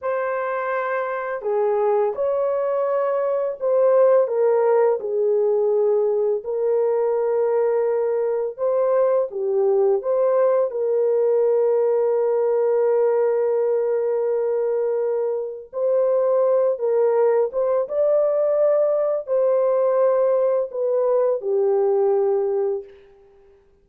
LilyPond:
\new Staff \with { instrumentName = "horn" } { \time 4/4 \tempo 4 = 84 c''2 gis'4 cis''4~ | cis''4 c''4 ais'4 gis'4~ | gis'4 ais'2. | c''4 g'4 c''4 ais'4~ |
ais'1~ | ais'2 c''4. ais'8~ | ais'8 c''8 d''2 c''4~ | c''4 b'4 g'2 | }